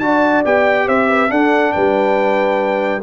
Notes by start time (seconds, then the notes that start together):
0.00 D4 F#4 D5 A5
0.45 B3 G4 G5
0.87 C4 C5 E5
1.09 B4
1.29 D4 A4 F#5
1.73 G3 B4 G5